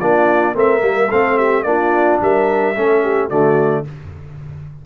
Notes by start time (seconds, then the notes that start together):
0.00 A#3 D4 F4 D5
0.54 A3 C4 A#4 E5
0.80 G3 A#3
1.09 A3 C4 A4 F5
1.37 G4 E5
1.63 A#3 D4 F4 D5
2.22 G3 A#4 E5
2.76 A3 C#4 A4
3.03 G4
3.29 D3 A3 F#4 D5